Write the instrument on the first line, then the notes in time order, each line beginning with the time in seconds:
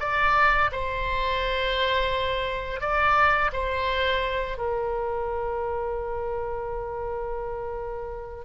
oboe
0.00 D5
0.72 C5
2.80 D5
3.53 C5
4.58 A#4